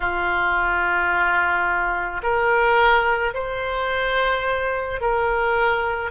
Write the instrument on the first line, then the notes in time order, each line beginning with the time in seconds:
oboe
0.00 F4
2.22 A#4
3.34 C5
5.00 A#4